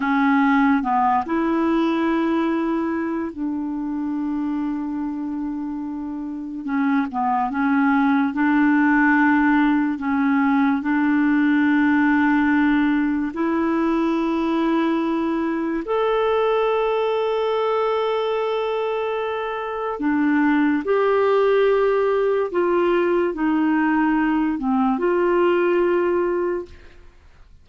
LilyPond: \new Staff \with { instrumentName = "clarinet" } { \time 4/4 \tempo 4 = 72 cis'4 b8 e'2~ e'8 | d'1 | cis'8 b8 cis'4 d'2 | cis'4 d'2. |
e'2. a'4~ | a'1 | d'4 g'2 f'4 | dis'4. c'8 f'2 | }